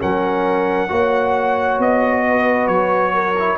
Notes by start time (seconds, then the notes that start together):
0.00 F#3 C#4 A#4 F#5
0.89 A#3 F#4 C#5
1.79 B3 D#5
2.28 B4
2.68 F#3 C#5
3.14 A#4
3.40 E4